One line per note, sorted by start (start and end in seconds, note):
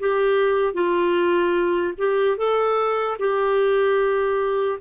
0.00 0.74 G4
0.74 1.94 F4
1.98 2.37 G4
2.37 3.17 A4
3.19 4.79 G4